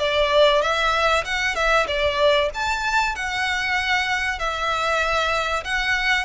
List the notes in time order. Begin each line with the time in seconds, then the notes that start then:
0.00 D5
0.62 E5
1.25 F#5
1.56 E5
1.88 D5
2.55 A5
3.16 F#5
4.39 E5
5.65 F#5